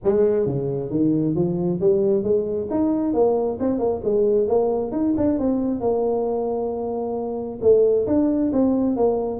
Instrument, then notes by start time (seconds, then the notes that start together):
tuba
0.04 G#3
0.45 C#3
0.90 D#3
1.35 F3
1.80 G3
2.23 G#3
2.70 D#4
3.13 A#3
3.60 C4
3.78 A#3
4.04 G#3
4.47 A#3
4.91 D#4
5.17 D4
5.39 C4
5.80 A#3
7.61 A3
8.06 D4
8.52 C4
8.96 A#3